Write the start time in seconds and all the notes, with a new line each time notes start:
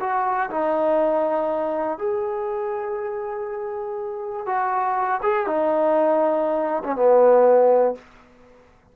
0.00 F#4
0.50 D#4
1.98 G#4
4.46 F#4
5.23 G#4
5.46 D#4
6.84 C#4
6.96 B3